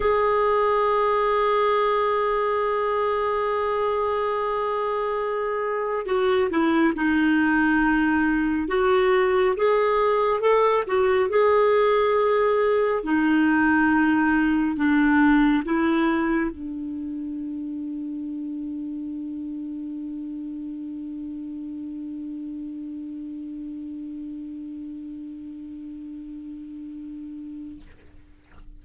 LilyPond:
\new Staff \with { instrumentName = "clarinet" } { \time 4/4 \tempo 4 = 69 gis'1~ | gis'2. fis'8 e'8 | dis'2 fis'4 gis'4 | a'8 fis'8 gis'2 dis'4~ |
dis'4 d'4 e'4 d'4~ | d'1~ | d'1~ | d'1 | }